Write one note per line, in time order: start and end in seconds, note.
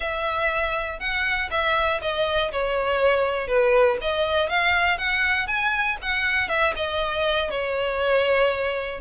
0.00 0.99 E5
0.99 1.49 F#5
1.50 2.00 E5
2.01 2.51 D#5
2.52 3.47 C#5
3.47 3.97 B4
4.01 4.49 D#5
4.49 4.97 F5
4.97 5.47 F#5
5.47 5.97 G#5
6.02 6.48 F#5
6.48 6.73 E5
6.75 7.50 D#5
7.50 9.00 C#5